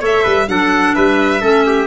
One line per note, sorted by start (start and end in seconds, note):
0.00 0.24 A3
0.00 0.47 A4
0.00 0.23 C#5
0.00 0.49 E5
0.23 0.48 G3
0.23 0.46 B4
0.47 0.95 F#3
0.47 1.41 D4
0.47 0.95 A4
0.47 0.95 F#5
0.95 1.42 G3
0.95 1.41 B4
0.95 1.87 E5
1.41 1.87 A3
1.41 1.87 C#4
1.41 1.64 A4
1.66 1.87 G4